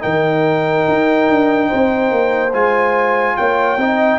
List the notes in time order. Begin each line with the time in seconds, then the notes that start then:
0.00 D#3 D#4 A#4 G5
0.88 D#4
1.29 D4
1.69 C4 C5
2.12 A#3
2.53 G#3 F4 G#5
3.37 A#3 C#5 G5
3.77 C4 D#4 D#5